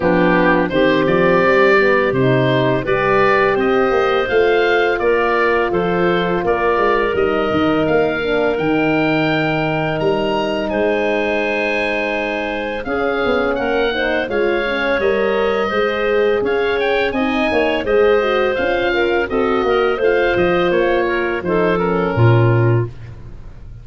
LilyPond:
<<
  \new Staff \with { instrumentName = "oboe" } { \time 4/4 \tempo 4 = 84 g'4 c''8 d''4. c''4 | d''4 dis''4 f''4 d''4 | c''4 d''4 dis''4 f''4 | g''2 ais''4 gis''4~ |
gis''2 f''4 fis''4 | f''4 dis''2 f''8 g''8 | gis''4 dis''4 f''4 dis''4 | f''8 dis''8 cis''4 c''8 ais'4. | }
  \new Staff \with { instrumentName = "clarinet" } { \time 4/4 d'4 g'2. | b'4 c''2 ais'4 | a'4 ais'2.~ | ais'2. c''4~ |
c''2 gis'4 ais'8 c''8 | cis''2 c''4 cis''4 | dis''8 cis''8 c''4. ais'8 a'8 ais'8 | c''4. ais'8 a'4 f'4 | }
  \new Staff \with { instrumentName = "horn" } { \time 4/4 b4 c'4. b8 dis'4 | g'2 f'2~ | f'2 dis'4. d'8 | dis'1~ |
dis'2 cis'4. dis'8 | f'8 cis'8 ais'4 gis'2 | dis'4 gis'8 fis'8 f'4 fis'4 | f'2 dis'8 cis'4. | }
  \new Staff \with { instrumentName = "tuba" } { \time 4/4 f4 dis8 f8 g4 c4 | g4 c'8 ais8 a4 ais4 | f4 ais8 gis8 g8 dis8 ais4 | dis2 g4 gis4~ |
gis2 cis'8 b8 ais4 | gis4 g4 gis4 cis'4 | c'8 ais8 gis4 cis'4 c'8 ais8 | a8 f8 ais4 f4 ais,4 | }
>>